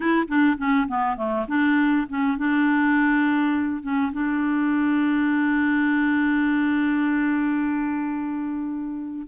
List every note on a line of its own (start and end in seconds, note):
0.00 0.27 E4
0.28 0.57 D4
0.58 0.87 C#4
0.88 1.16 B3
1.16 1.46 A3
1.48 2.07 D4
2.09 2.37 C#4
2.37 3.82 D4
3.82 4.11 C#4
4.12 9.27 D4